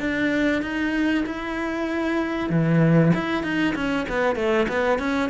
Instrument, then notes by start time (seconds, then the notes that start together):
cello
0.00 D4
0.62 D#4
1.26 E4
2.50 E3
3.14 E4
3.43 D#4
3.75 C#4
4.09 B3
4.36 A3
4.68 B3
4.99 C#4